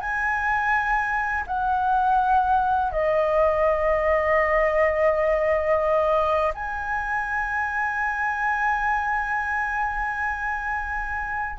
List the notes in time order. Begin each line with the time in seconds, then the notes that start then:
0.00 G#5
1.47 F#5
2.92 D#5
6.55 G#5